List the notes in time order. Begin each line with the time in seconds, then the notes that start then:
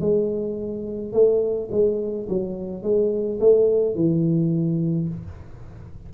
0.00 G#3
1.12 A3
1.71 G#3
2.28 F#3
2.83 G#3
3.40 A3
3.95 E3